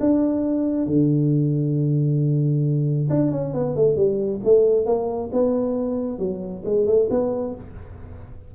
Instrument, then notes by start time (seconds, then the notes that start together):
tuba
0.00 D4
0.87 D3
3.10 D4
3.31 C#4
3.54 B3
3.76 A3
3.96 G3
4.44 A3
4.86 A#3
5.33 B3
6.19 F#3
6.65 G#3
6.86 A3
7.10 B3